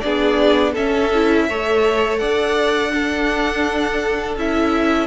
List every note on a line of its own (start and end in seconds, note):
0.00 0.77 B3
0.00 0.75 D4
0.00 0.73 G#4
0.00 0.72 D5
0.73 1.13 C#4
0.73 1.49 C#4
0.73 1.45 A4
0.73 2.18 E5
1.14 1.50 E4
1.49 2.21 A3
1.49 2.91 A4
1.49 2.20 C#5
2.18 4.36 D4
2.18 2.92 D5
2.18 4.34 F#5
2.91 4.35 D4
2.91 5.07 A4
4.36 5.07 C#4
4.36 5.07 E4
4.36 5.07 E5